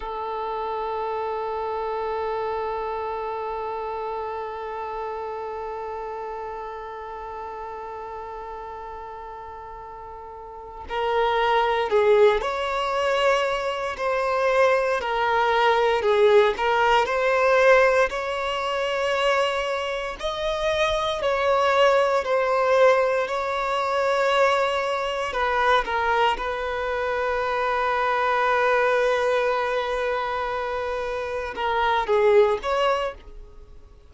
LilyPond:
\new Staff \with { instrumentName = "violin" } { \time 4/4 \tempo 4 = 58 a'1~ | a'1~ | a'2~ a'8 ais'4 gis'8 | cis''4. c''4 ais'4 gis'8 |
ais'8 c''4 cis''2 dis''8~ | dis''8 cis''4 c''4 cis''4.~ | cis''8 b'8 ais'8 b'2~ b'8~ | b'2~ b'8 ais'8 gis'8 cis''8 | }